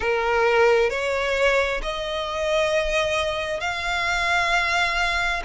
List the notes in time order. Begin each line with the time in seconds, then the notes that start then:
0.00 A#4
0.90 C#5
1.82 D#5
3.60 F5